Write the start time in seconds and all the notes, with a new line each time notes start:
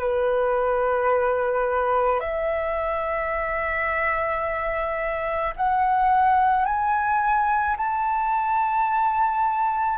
0.00 B4
2.21 E5
5.57 F#5
6.66 G#5
7.78 A5